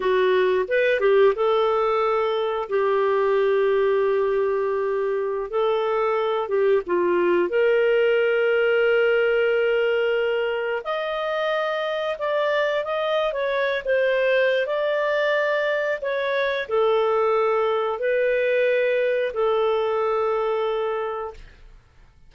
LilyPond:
\new Staff \with { instrumentName = "clarinet" } { \time 4/4 \tempo 4 = 90 fis'4 b'8 g'8 a'2 | g'1~ | g'16 a'4. g'8 f'4 ais'8.~ | ais'1~ |
ais'16 dis''2 d''4 dis''8. | cis''8. c''4~ c''16 d''2 | cis''4 a'2 b'4~ | b'4 a'2. | }